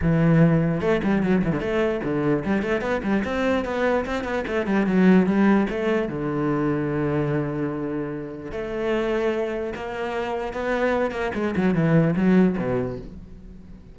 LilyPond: \new Staff \with { instrumentName = "cello" } { \time 4/4 \tempo 4 = 148 e2 a8 g8 fis8 e16 d16 | a4 d4 g8 a8 b8 g8 | c'4 b4 c'8 b8 a8 g8 | fis4 g4 a4 d4~ |
d1~ | d4 a2. | ais2 b4. ais8 | gis8 fis8 e4 fis4 b,4 | }